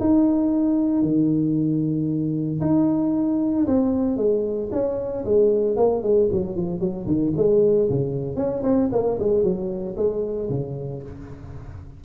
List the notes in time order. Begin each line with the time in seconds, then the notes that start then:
0.00 D#4
1.03 D#3
2.61 D#4
3.67 C4
4.17 G#3
4.72 C#4
5.25 G#3
5.77 A#3
6.03 G#3
6.32 F#3
6.56 F3
6.80 F#3
7.06 D#3
7.37 G#3
7.89 C#3
8.36 C#4
8.63 C4
8.92 A#3
9.19 G#3
9.43 F#3
9.97 G#3
10.50 C#3